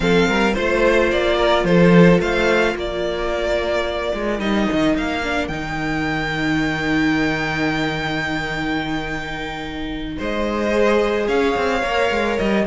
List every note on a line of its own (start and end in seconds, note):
0.00 0.27 F3
0.00 0.55 C4
0.00 0.28 A4
0.00 0.54 F5
0.28 0.56 G3
0.28 0.54 A#4
0.54 1.12 A3
0.54 4.39 F4
0.54 1.36 C5
0.54 1.09 C5
1.11 1.64 A#3
1.11 1.64 D5
1.37 1.64 A#4
1.64 2.19 F3
1.64 2.21 A4
1.64 2.19 C5
2.19 2.75 A3
2.19 2.74 C5
2.19 2.76 F5
2.74 4.12 A#3
2.74 10.17 A#4
2.74 4.40 D5
4.13 4.39 G#3
4.39 4.67 G3
4.39 5.22 D#4
4.39 4.95 D#5
4.72 4.97 D#3
4.97 5.48 A#3
4.97 5.47 F5
5.23 5.50 D4
5.47 10.16 D#3
5.47 10.71 D#4
5.47 10.15 G5
10.18 11.28 G#3
10.18 11.27 C5
10.18 11.27 D#5
10.71 11.81 G#4
11.27 11.55 C#4
11.27 12.65 C#5
11.27 12.37 F5
11.56 11.82 C4
11.82 12.10 A#3
11.82 12.66 A#4
12.10 12.38 G#3
12.37 12.66 G3
12.37 12.65 D#5